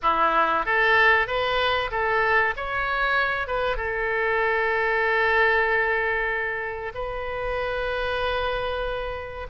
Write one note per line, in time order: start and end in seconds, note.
0.02 0.65 E4
0.65 1.27 A4
1.27 1.90 B4
1.91 2.54 A4
2.56 3.47 C#5
3.47 3.76 B4
3.76 6.92 A4
6.94 9.47 B4